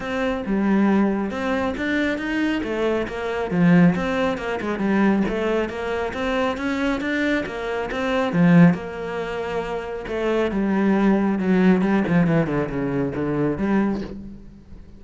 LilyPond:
\new Staff \with { instrumentName = "cello" } { \time 4/4 \tempo 4 = 137 c'4 g2 c'4 | d'4 dis'4 a4 ais4 | f4 c'4 ais8 gis8 g4 | a4 ais4 c'4 cis'4 |
d'4 ais4 c'4 f4 | ais2. a4 | g2 fis4 g8 f8 | e8 d8 cis4 d4 g4 | }